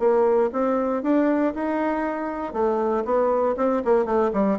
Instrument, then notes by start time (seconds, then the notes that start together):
bassoon
0.00 A#3
0.53 C4
1.04 D4
1.55 D#4
2.54 A3
3.05 B3
3.57 C4
3.85 A#3
4.06 A3
4.34 G3